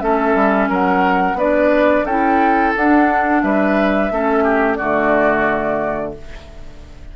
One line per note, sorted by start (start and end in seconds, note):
0.00 0.35 A3
0.00 1.36 C#4
0.00 0.69 A4
0.00 0.69 E5
0.35 0.69 G3
0.69 1.34 F#3
0.69 1.37 A#4
0.69 1.39 F#5
1.34 2.02 B3
1.34 2.07 D4
1.34 2.05 B4
1.34 2.06 D5
2.05 2.73 C#4
2.05 2.77 E4
2.05 3.42 A4
2.05 2.74 G5
2.76 3.43 D4
2.76 4.11 D4
2.76 3.42 F#5
3.42 4.11 G3
3.42 4.12 B4
3.42 4.75 E5
4.11 4.79 A3
4.11 4.79 C#4
4.11 4.44 A4
4.44 4.78 G4
4.75 6.16 D3
4.75 6.16 A3
4.75 6.14 F#4
4.75 6.12 D5